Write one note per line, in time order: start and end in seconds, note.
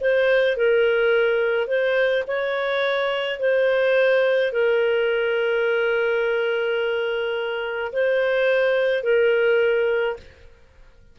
0.00 0.57 C5
0.57 1.67 A#4
1.67 2.23 C5
2.27 3.39 C#5
3.39 4.52 C5
4.52 7.92 A#4
7.92 9.03 C5
9.03 10.16 A#4